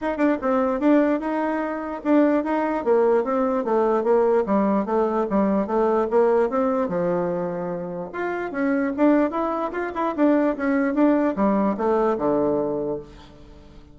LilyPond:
\new Staff \with { instrumentName = "bassoon" } { \time 4/4 \tempo 4 = 148 dis'8 d'8 c'4 d'4 dis'4~ | dis'4 d'4 dis'4 ais4 | c'4 a4 ais4 g4 | a4 g4 a4 ais4 |
c'4 f2. | f'4 cis'4 d'4 e'4 | f'8 e'8 d'4 cis'4 d'4 | g4 a4 d2 | }